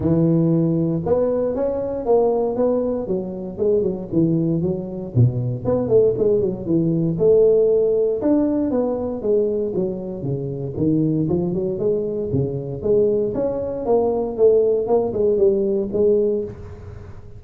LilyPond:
\new Staff \with { instrumentName = "tuba" } { \time 4/4 \tempo 4 = 117 e2 b4 cis'4 | ais4 b4 fis4 gis8 fis8 | e4 fis4 b,4 b8 a8 | gis8 fis8 e4 a2 |
d'4 b4 gis4 fis4 | cis4 dis4 f8 fis8 gis4 | cis4 gis4 cis'4 ais4 | a4 ais8 gis8 g4 gis4 | }